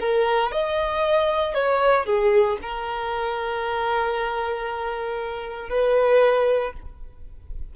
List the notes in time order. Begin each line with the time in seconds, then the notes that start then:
0.00 A#4
0.52 D#5
1.54 C#5
2.06 G#4
2.62 A#4
5.69 B4